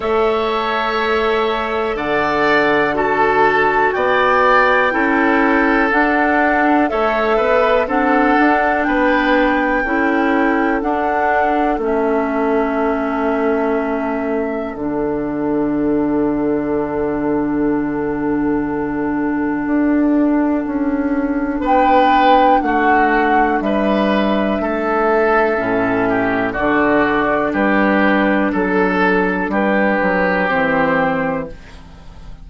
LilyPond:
<<
  \new Staff \with { instrumentName = "flute" } { \time 4/4 \tempo 4 = 61 e''2 fis''4 a''4 | g''2 fis''4 e''4 | fis''4 g''2 fis''4 | e''2. fis''4~ |
fis''1~ | fis''2 g''4 fis''4 | e''2. d''4 | b'4 a'4 b'4 c''4 | }
  \new Staff \with { instrumentName = "oboe" } { \time 4/4 cis''2 d''4 a'4 | d''4 a'2 cis''8 b'8 | a'4 b'4 a'2~ | a'1~ |
a'1~ | a'2 b'4 fis'4 | b'4 a'4. g'8 fis'4 | g'4 a'4 g'2 | }
  \new Staff \with { instrumentName = "clarinet" } { \time 4/4 a'2. fis'4~ | fis'4 e'4 d'4 a'4 | d'2 e'4 d'4 | cis'2. d'4~ |
d'1~ | d'1~ | d'2 cis'4 d'4~ | d'2. c'4 | }
  \new Staff \with { instrumentName = "bassoon" } { \time 4/4 a2 d2 | b4 cis'4 d'4 a8 b8 | c'8 d'8 b4 cis'4 d'4 | a2. d4~ |
d1 | d'4 cis'4 b4 a4 | g4 a4 a,4 d4 | g4 fis4 g8 fis8 e4 | }
>>